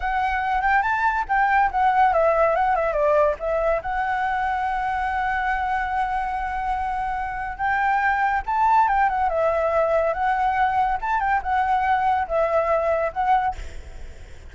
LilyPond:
\new Staff \with { instrumentName = "flute" } { \time 4/4 \tempo 4 = 142 fis''4. g''8 a''4 g''4 | fis''4 e''4 fis''8 e''8 d''4 | e''4 fis''2.~ | fis''1~ |
fis''2 g''2 | a''4 g''8 fis''8 e''2 | fis''2 a''8 g''8 fis''4~ | fis''4 e''2 fis''4 | }